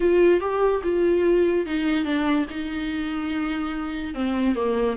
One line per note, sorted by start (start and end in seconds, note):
0.00 0.40 F4
0.40 0.82 G4
0.83 1.66 F4
1.66 2.04 D#4
2.04 2.46 D4
2.49 4.14 D#4
4.14 4.55 C4
4.55 4.96 A#3